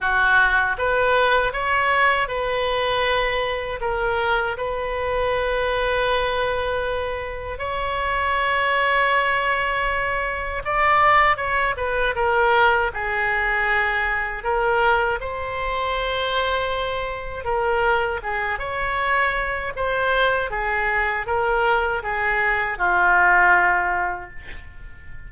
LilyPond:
\new Staff \with { instrumentName = "oboe" } { \time 4/4 \tempo 4 = 79 fis'4 b'4 cis''4 b'4~ | b'4 ais'4 b'2~ | b'2 cis''2~ | cis''2 d''4 cis''8 b'8 |
ais'4 gis'2 ais'4 | c''2. ais'4 | gis'8 cis''4. c''4 gis'4 | ais'4 gis'4 f'2 | }